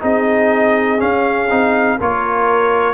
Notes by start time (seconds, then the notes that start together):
0.00 C4 D#4 G#4 D#5
0.98 C#4 F5
1.49 C4 D#4
1.97 A#3 F4 A#4 C#5